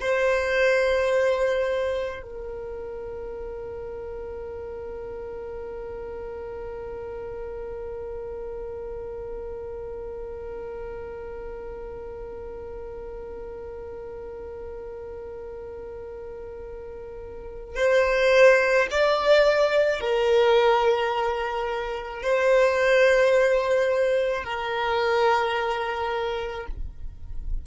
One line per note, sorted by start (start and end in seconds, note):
0.00 2.22 C5
2.23 17.76 A#4
17.76 18.87 C5
18.91 20.01 D5
20.01 22.23 A#4
22.23 24.44 C5
24.44 26.67 A#4